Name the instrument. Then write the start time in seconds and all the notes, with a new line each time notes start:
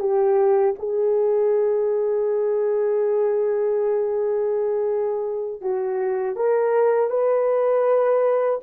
horn
0.00 G4
0.79 G#4
5.61 F#4
6.36 A#4
7.10 B4